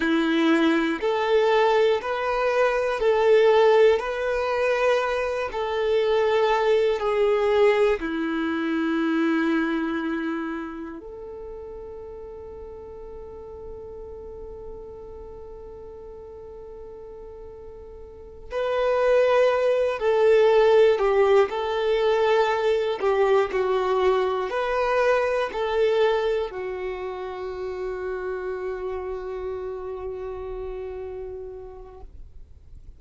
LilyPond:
\new Staff \with { instrumentName = "violin" } { \time 4/4 \tempo 4 = 60 e'4 a'4 b'4 a'4 | b'4. a'4. gis'4 | e'2. a'4~ | a'1~ |
a'2~ a'8 b'4. | a'4 g'8 a'4. g'8 fis'8~ | fis'8 b'4 a'4 fis'4.~ | fis'1 | }